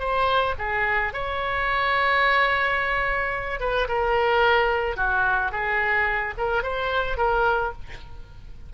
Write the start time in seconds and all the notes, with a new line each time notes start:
0.00 C5
0.59 G#4
1.14 C#5
3.61 B4
3.89 A#4
4.97 F#4
5.52 G#4
6.38 A#4
6.64 C5
7.18 A#4